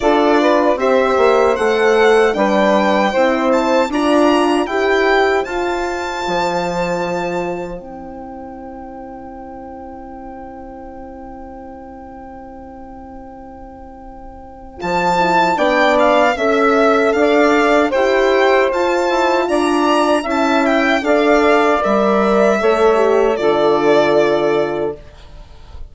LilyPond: <<
  \new Staff \with { instrumentName = "violin" } { \time 4/4 \tempo 4 = 77 d''4 e''4 fis''4 g''4~ | g''8 a''8 ais''4 g''4 a''4~ | a''2 g''2~ | g''1~ |
g''2. a''4 | g''8 f''8 e''4 f''4 g''4 | a''4 ais''4 a''8 g''8 f''4 | e''2 d''2 | }
  \new Staff \with { instrumentName = "saxophone" } { \time 4/4 a'8 b'8 c''2 b'4 | c''4 d''4 c''2~ | c''1~ | c''1~ |
c''1 | d''4 e''4 d''4 c''4~ | c''4 d''4 e''4 d''4~ | d''4 cis''4 a'2 | }
  \new Staff \with { instrumentName = "horn" } { \time 4/4 f'4 g'4 a'4 d'4 | e'4 f'4 g'4 f'4~ | f'2 e'2~ | e'1~ |
e'2. f'8 e'8 | d'4 a'2 g'4 | f'2 e'4 a'4 | ais'4 a'8 g'8 f'2 | }
  \new Staff \with { instrumentName = "bassoon" } { \time 4/4 d'4 c'8 ais8 a4 g4 | c'4 d'4 e'4 f'4 | f2 c'2~ | c'1~ |
c'2. f4 | b4 cis'4 d'4 e'4 | f'8 e'8 d'4 cis'4 d'4 | g4 a4 d2 | }
>>